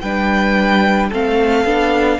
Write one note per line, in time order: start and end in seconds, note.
0.00 1.11 G3
0.00 1.12 D4
0.00 1.09 B4
0.00 1.09 G5
1.09 1.65 A3
1.09 1.66 C4
1.09 2.18 A4
1.09 2.19 F5
1.65 2.19 B3
1.65 2.19 D4